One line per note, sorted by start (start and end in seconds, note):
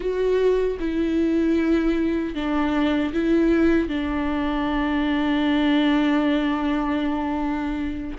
0.00 0.77 F#4
0.79 2.34 E4
2.34 3.12 D4
3.13 3.88 E4
3.88 8.17 D4